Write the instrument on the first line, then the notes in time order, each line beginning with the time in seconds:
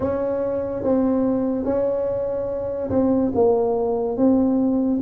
tuba
0.00 C#4
0.83 C4
1.64 C#4
2.89 C4
3.34 A#3
4.17 C4